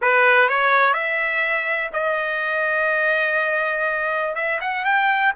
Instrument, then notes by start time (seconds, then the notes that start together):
trumpet
0.01 B4
0.48 C#5
0.93 E5
1.93 D#5
4.35 E5
4.60 F#5
4.84 G5